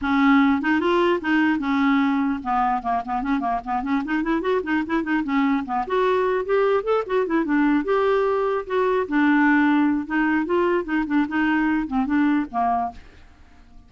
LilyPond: \new Staff \with { instrumentName = "clarinet" } { \time 4/4 \tempo 4 = 149 cis'4. dis'8 f'4 dis'4 | cis'2 b4 ais8 b8 | cis'8 ais8 b8 cis'8 dis'8 e'8 fis'8 dis'8 | e'8 dis'8 cis'4 b8 fis'4. |
g'4 a'8 fis'8 e'8 d'4 g'8~ | g'4. fis'4 d'4.~ | d'4 dis'4 f'4 dis'8 d'8 | dis'4. c'8 d'4 ais4 | }